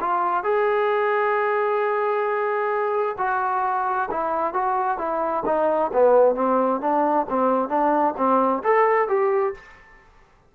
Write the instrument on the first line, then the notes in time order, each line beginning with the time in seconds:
trombone
0.00 F4
0.43 G#4
3.18 F#4
4.11 E4
4.53 F#4
4.98 E4
5.46 D#4
5.93 B3
6.35 C4
6.81 D4
7.29 C4
7.69 D4
8.17 C4
8.64 A4
9.08 G4